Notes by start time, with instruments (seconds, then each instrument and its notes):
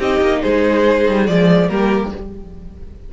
0.00 cello C4, viola D#4, violin G4 D#5
0.22 cello A#3
0.42 cello G#3, violin G#4 C5
1.09 cello G3
1.25 cello F3, viola G#3, violin D5
1.69 cello G3, viola A#3, violin G4 A#4